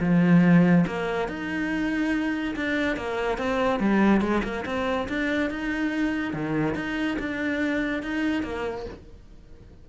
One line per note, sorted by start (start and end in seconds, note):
0.00 0.85 F3
0.86 1.28 A#3
1.28 2.54 D#4
2.55 2.96 D4
2.96 3.37 A#3
3.37 3.80 C4
3.80 4.21 G3
4.21 4.42 G#3
4.43 4.64 A#3
4.65 5.07 C4
5.08 5.50 D4
5.50 6.33 D#4
6.33 6.75 D#3
6.75 7.17 D#4
7.19 8.02 D4
8.02 8.43 D#4
8.43 8.85 A#3